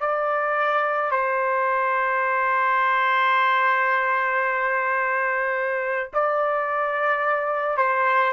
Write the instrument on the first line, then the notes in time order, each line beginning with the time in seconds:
trumpet
0.00 D5
1.11 C5
6.14 D5
7.78 C5